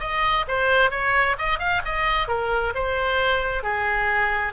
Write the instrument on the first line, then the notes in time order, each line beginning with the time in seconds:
oboe
0.00 D#5
0.48 C5
0.91 C#5
1.38 D#5
1.60 F5
1.85 D#5
2.28 A#4
2.75 C5
3.63 G#4